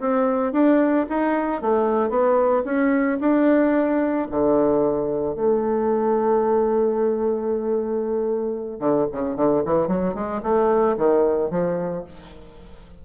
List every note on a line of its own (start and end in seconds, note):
0.00 0.52 C4
0.52 1.06 D4
1.09 1.62 D#4
1.62 2.10 A3
2.10 2.63 B3
2.65 3.19 C#4
3.20 4.28 D4
4.31 5.35 D3
5.35 8.80 A3
8.80 9.06 D3
9.12 9.36 C#3
9.36 9.63 D3
9.65 9.88 E3
9.88 10.14 F#3
10.14 10.41 G#3
10.43 10.96 A3
10.97 11.50 D#3
11.50 12.04 F3